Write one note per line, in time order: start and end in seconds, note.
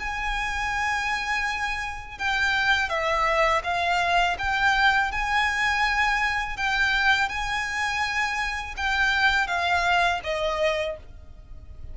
0.00 2.19 G#5
2.19 2.89 G5
2.89 3.63 E5
3.64 4.37 F5
4.39 5.12 G5
5.12 6.57 G#5
6.57 7.29 G5
7.29 8.75 G#5
8.77 9.48 G5
9.48 10.21 F5
10.24 10.97 D#5